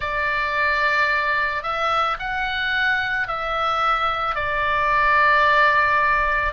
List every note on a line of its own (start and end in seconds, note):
0.00 1.62 D5
1.62 2.17 E5
2.19 3.27 F#5
3.27 4.35 E5
4.35 6.52 D5